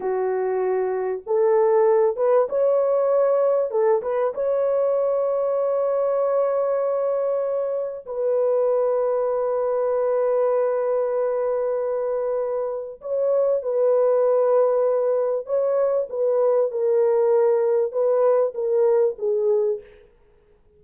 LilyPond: \new Staff \with { instrumentName = "horn" } { \time 4/4 \tempo 4 = 97 fis'2 a'4. b'8 | cis''2 a'8 b'8 cis''4~ | cis''1~ | cis''4 b'2.~ |
b'1~ | b'4 cis''4 b'2~ | b'4 cis''4 b'4 ais'4~ | ais'4 b'4 ais'4 gis'4 | }